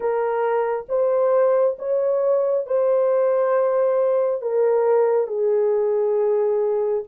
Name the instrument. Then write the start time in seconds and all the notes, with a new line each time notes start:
horn
0.00 A#4
0.88 C5
1.78 C#5
2.66 C5
4.41 A#4
5.27 G#4